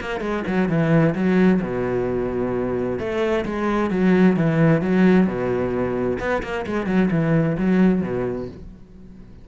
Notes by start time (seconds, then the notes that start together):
0.00 A#3
0.20 G#3
0.47 F#3
0.68 E3
1.15 F#3
1.61 B2
2.99 A3
3.45 G#3
3.90 F#3
4.36 E3
4.81 F#3
5.27 B2
6.19 B3
6.42 A#3
6.66 G#3
6.86 F#3
7.11 E3
7.57 F#3
8.02 B2